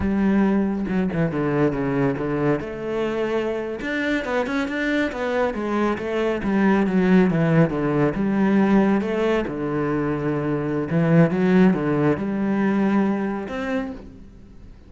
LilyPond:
\new Staff \with { instrumentName = "cello" } { \time 4/4 \tempo 4 = 138 g2 fis8 e8 d4 | cis4 d4 a2~ | a8. d'4 b8 cis'8 d'4 b16~ | b8. gis4 a4 g4 fis16~ |
fis8. e4 d4 g4~ g16~ | g8. a4 d2~ d16~ | d4 e4 fis4 d4 | g2. c'4 | }